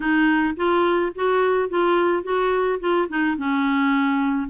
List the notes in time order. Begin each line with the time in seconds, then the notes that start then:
0.00 D#4
0.56 F4
1.15 F#4
1.69 F4
2.23 F#4
2.79 F4
3.08 D#4
3.37 C#4